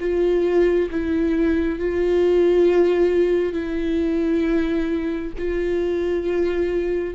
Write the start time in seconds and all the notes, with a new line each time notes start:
0.00 F4
0.90 E4
1.79 F4
3.53 E4
5.38 F4